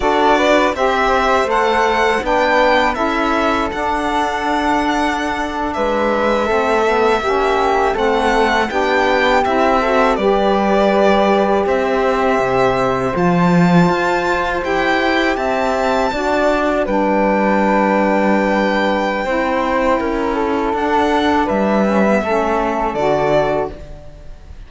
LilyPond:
<<
  \new Staff \with { instrumentName = "violin" } { \time 4/4 \tempo 4 = 81 d''4 e''4 fis''4 g''4 | e''4 fis''2~ fis''8. e''16~ | e''2~ e''8. fis''4 g''16~ | g''8. e''4 d''2 e''16~ |
e''4.~ e''16 a''2 g''16~ | g''8. a''2 g''4~ g''16~ | g''1 | fis''4 e''2 d''4 | }
  \new Staff \with { instrumentName = "flute" } { \time 4/4 a'8 b'8 c''2 b'4 | a'2.~ a'8. b'16~ | b'8. a'4 g'4 a'4 g'16~ | g'4~ g'16 a'8 b'2 c''16~ |
c''1~ | c''8. e''4 d''4 b'4~ b'16~ | b'2 c''4 ais'8 a'8~ | a'4 b'4 a'2 | }
  \new Staff \with { instrumentName = "saxophone" } { \time 4/4 fis'4 g'4 a'4 d'4 | e'4 d'2.~ | d'8. c'8 b8 cis'4 c'4 d'16~ | d'8. e'8 fis'8 g'2~ g'16~ |
g'4.~ g'16 f'2 g'16~ | g'4.~ g'16 fis'4 d'4~ d'16~ | d'2 e'2 | d'4. cis'16 b16 cis'4 fis'4 | }
  \new Staff \with { instrumentName = "cello" } { \time 4/4 d'4 c'4 a4 b4 | cis'4 d'2~ d'8. gis16~ | gis8. a4 ais4 a4 b16~ | b8. c'4 g2 c'16~ |
c'8. c4 f4 f'4 e'16~ | e'8. c'4 d'4 g4~ g16~ | g2 c'4 cis'4 | d'4 g4 a4 d4 | }
>>